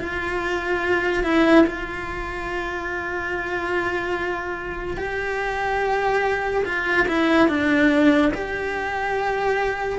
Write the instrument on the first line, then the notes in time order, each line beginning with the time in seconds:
cello
0.00 F4
1.23 E4
1.66 F4
4.97 G4
6.65 F4
7.08 E4
7.48 D4
8.34 G4